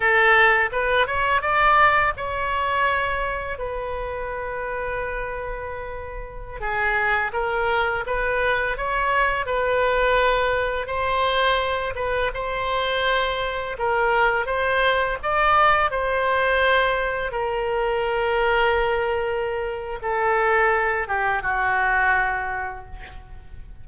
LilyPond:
\new Staff \with { instrumentName = "oboe" } { \time 4/4 \tempo 4 = 84 a'4 b'8 cis''8 d''4 cis''4~ | cis''4 b'2.~ | b'4~ b'16 gis'4 ais'4 b'8.~ | b'16 cis''4 b'2 c''8.~ |
c''8. b'8 c''2 ais'8.~ | ais'16 c''4 d''4 c''4.~ c''16~ | c''16 ais'2.~ ais'8. | a'4. g'8 fis'2 | }